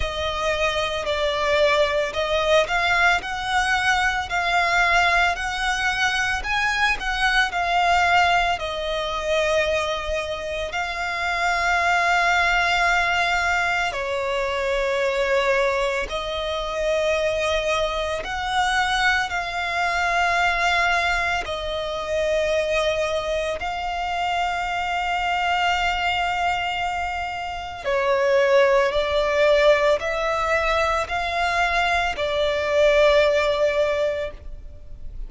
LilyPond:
\new Staff \with { instrumentName = "violin" } { \time 4/4 \tempo 4 = 56 dis''4 d''4 dis''8 f''8 fis''4 | f''4 fis''4 gis''8 fis''8 f''4 | dis''2 f''2~ | f''4 cis''2 dis''4~ |
dis''4 fis''4 f''2 | dis''2 f''2~ | f''2 cis''4 d''4 | e''4 f''4 d''2 | }